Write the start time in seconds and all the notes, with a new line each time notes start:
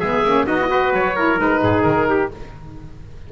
0.00 G#3 B3 G#4 E5
0.24 A#3 C#4
0.47 B3 D#4 F#4 D#5
0.61 E4
0.67 F#4 B4
0.93 F#3 C#5
1.16 E4 A#4
1.38 G#3 D#4 B4
1.62 G#2 G#4
1.83 D#3 A#4
2.09 G4